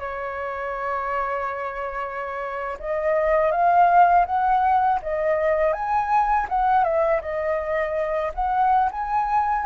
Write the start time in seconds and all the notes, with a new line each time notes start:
0.00 C#5
2.80 D#5
3.52 F5
4.26 F#5
5.03 D#5
5.73 G#5
6.49 F#5
6.84 E5
7.22 D#5
8.35 F#5
8.92 G#5